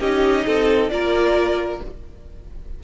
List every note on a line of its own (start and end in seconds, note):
0.00 0.45 C#4
0.00 0.90 D#4
0.00 0.46 G4
0.00 0.89 D#5
0.46 0.90 C4
0.46 0.91 A4
0.89 1.80 A#3
0.89 1.80 F4
0.89 1.83 A#4
0.89 1.80 D5